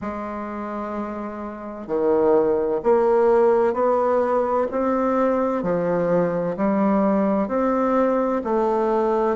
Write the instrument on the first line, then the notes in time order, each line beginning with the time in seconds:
bassoon
0.01 G#3
1.87 D#3
2.83 A#3
3.73 B3
4.71 C4
5.62 F3
6.56 G3
7.48 C4
8.44 A3